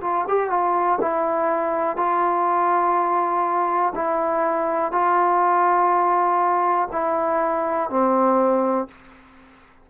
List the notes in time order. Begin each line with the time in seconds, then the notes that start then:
0.00 F4
0.27 G4
0.49 F4
1.01 E4
1.96 F4
3.95 E4
4.91 F4
6.92 E4
7.89 C4